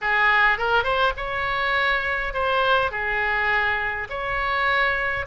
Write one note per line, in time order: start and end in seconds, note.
0.01 0.58 G#4
0.58 0.83 A#4
0.83 1.12 C5
1.17 2.33 C#5
2.33 2.91 C5
2.91 4.08 G#4
4.09 5.26 C#5